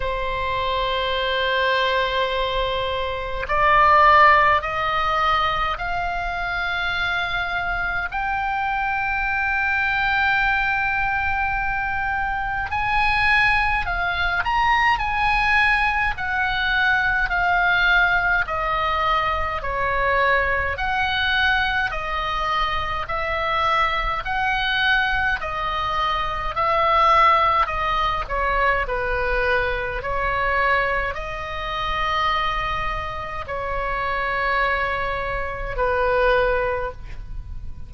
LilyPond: \new Staff \with { instrumentName = "oboe" } { \time 4/4 \tempo 4 = 52 c''2. d''4 | dis''4 f''2 g''4~ | g''2. gis''4 | f''8 ais''8 gis''4 fis''4 f''4 |
dis''4 cis''4 fis''4 dis''4 | e''4 fis''4 dis''4 e''4 | dis''8 cis''8 b'4 cis''4 dis''4~ | dis''4 cis''2 b'4 | }